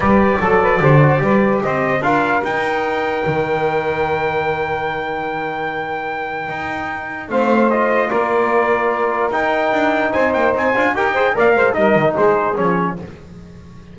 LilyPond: <<
  \new Staff \with { instrumentName = "trumpet" } { \time 4/4 \tempo 4 = 148 d''1 | dis''4 f''4 g''2~ | g''1~ | g''1~ |
g''2 f''4 dis''4 | d''2. g''4~ | g''4 gis''8 g''8 gis''4 g''4 | f''4 dis''4 c''4 cis''4 | }
  \new Staff \with { instrumentName = "saxophone" } { \time 4/4 b'4 a'8 b'8 c''4 b'4 | c''4 ais'2.~ | ais'1~ | ais'1~ |
ais'2 c''2 | ais'1~ | ais'4 c''2 ais'8 c''8 | d''8 c''8 ais'4 gis'2 | }
  \new Staff \with { instrumentName = "trombone" } { \time 4/4 g'4 a'4 g'8 fis'8 g'4~ | g'4 f'4 dis'2~ | dis'1~ | dis'1~ |
dis'2 c'4 f'4~ | f'2. dis'4~ | dis'2~ dis'8 f'8 g'8 gis'8 | ais'4 dis'2 cis'4 | }
  \new Staff \with { instrumentName = "double bass" } { \time 4/4 g4 fis4 d4 g4 | c'4 d'4 dis'2 | dis1~ | dis1 |
dis'2 a2 | ais2. dis'4 | d'4 c'8 ais8 c'8 d'8 dis'4 | ais8 gis8 g8 dis8 gis4 f4 | }
>>